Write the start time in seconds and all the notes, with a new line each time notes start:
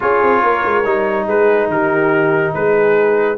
0.00 C#4 F4 G#4 C#5
0.22 C4
0.41 A#3 A#4
0.64 G#3
0.84 G3 D#4
1.26 G#3 G#4 B4
1.68 D#3 G4 A#4
2.53 G#3 G#4 B4